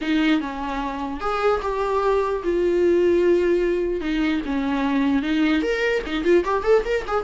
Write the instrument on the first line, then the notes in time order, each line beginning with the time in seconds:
viola
0.01 D#4
0.40 C#4
1.20 G#4
1.62 G4
2.43 F4
4.00 D#4
4.45 C#4
5.22 D#4
5.62 A#4
6.05 D#4
6.24 F4
6.44 G4
6.63 A4
6.84 A#4
7.07 G#4